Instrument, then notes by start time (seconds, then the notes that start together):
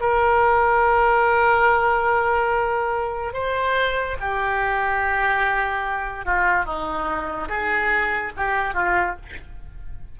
oboe
0.00 A#4
3.33 C5
4.20 G4
6.25 F4
6.65 D#4
7.48 G#4
8.36 G4
8.73 F4